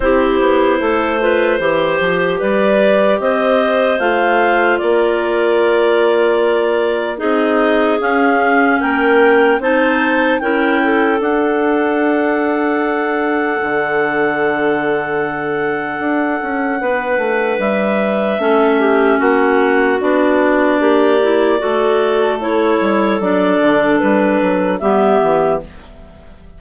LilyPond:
<<
  \new Staff \with { instrumentName = "clarinet" } { \time 4/4 \tempo 4 = 75 c''2. d''4 | dis''4 f''4 d''2~ | d''4 dis''4 f''4 g''4 | a''4 g''4 fis''2~ |
fis''1~ | fis''2 e''2 | fis''4 d''2. | cis''4 d''4 b'4 e''4 | }
  \new Staff \with { instrumentName = "clarinet" } { \time 4/4 g'4 a'8 b'8 c''4 b'4 | c''2 ais'2~ | ais'4 gis'2 ais'4 | c''4 ais'8 a'2~ a'8~ |
a'1~ | a'4 b'2 a'8 g'8 | fis'2 g'4 a'4~ | a'2. g'4 | }
  \new Staff \with { instrumentName = "clarinet" } { \time 4/4 e'4. f'8 g'2~ | g'4 f'2.~ | f'4 dis'4 cis'2 | dis'4 e'4 d'2~ |
d'1~ | d'2. cis'4~ | cis'4 d'4. e'8 fis'4 | e'4 d'2 b4 | }
  \new Staff \with { instrumentName = "bassoon" } { \time 4/4 c'8 b8 a4 e8 f8 g4 | c'4 a4 ais2~ | ais4 c'4 cis'4 ais4 | c'4 cis'4 d'2~ |
d'4 d2. | d'8 cis'8 b8 a8 g4 a4 | ais4 b4 ais4 a4~ | a8 g8 fis8 d8 g8 fis8 g8 e8 | }
>>